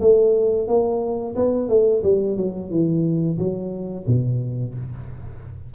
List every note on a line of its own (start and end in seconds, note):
0.00 0.67 A3
0.67 1.35 A#3
1.35 1.68 B3
1.68 2.02 A3
2.03 2.36 G3
2.36 2.70 F#3
2.70 3.38 E3
3.38 4.05 F#3
4.07 4.74 B2